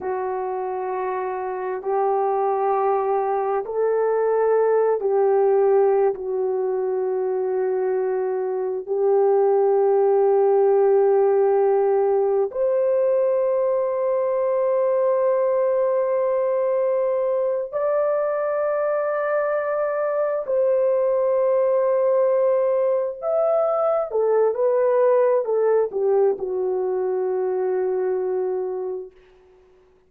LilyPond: \new Staff \with { instrumentName = "horn" } { \time 4/4 \tempo 4 = 66 fis'2 g'2 | a'4. g'4~ g'16 fis'4~ fis'16~ | fis'4.~ fis'16 g'2~ g'16~ | g'4.~ g'16 c''2~ c''16~ |
c''2.~ c''8 d''8~ | d''2~ d''8 c''4.~ | c''4. e''4 a'8 b'4 | a'8 g'8 fis'2. | }